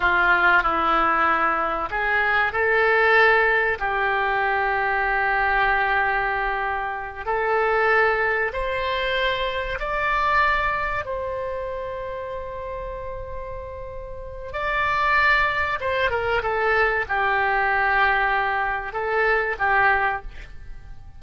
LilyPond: \new Staff \with { instrumentName = "oboe" } { \time 4/4 \tempo 4 = 95 f'4 e'2 gis'4 | a'2 g'2~ | g'2.~ g'8 a'8~ | a'4. c''2 d''8~ |
d''4. c''2~ c''8~ | c''2. d''4~ | d''4 c''8 ais'8 a'4 g'4~ | g'2 a'4 g'4 | }